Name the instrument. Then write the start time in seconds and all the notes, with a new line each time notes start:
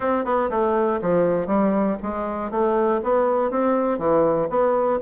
bassoon
0.00 C4
0.24 B3
0.50 A3
1.01 F3
1.46 G3
2.02 G#3
2.50 A3
3.02 B3
3.50 C4
3.98 E3
4.49 B3